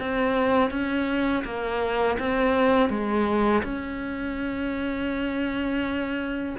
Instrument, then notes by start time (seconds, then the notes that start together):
cello
0.00 C4
0.71 C#4
1.44 A#3
2.19 C4
2.90 G#3
3.64 C#4